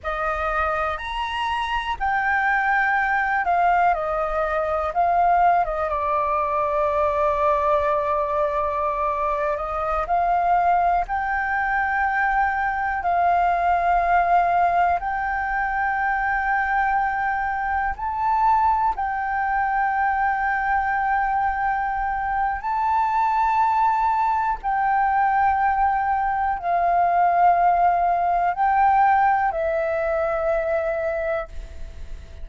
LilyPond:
\new Staff \with { instrumentName = "flute" } { \time 4/4 \tempo 4 = 61 dis''4 ais''4 g''4. f''8 | dis''4 f''8. dis''16 d''2~ | d''4.~ d''16 dis''8 f''4 g''8.~ | g''4~ g''16 f''2 g''8.~ |
g''2~ g''16 a''4 g''8.~ | g''2. a''4~ | a''4 g''2 f''4~ | f''4 g''4 e''2 | }